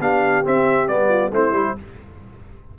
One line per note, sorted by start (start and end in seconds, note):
0.00 0.44 B3
0.00 0.45 D4
0.00 1.09 G4
0.00 0.45 F5
0.45 0.88 C4
0.45 0.89 C4
0.45 0.88 E5
0.88 1.32 G3
0.88 1.32 B3
0.88 1.32 D5
1.09 1.31 F4
1.32 1.52 A3
1.32 1.54 C4
1.32 1.77 E4
1.32 1.79 C5
1.52 1.74 G3
1.52 1.76 E4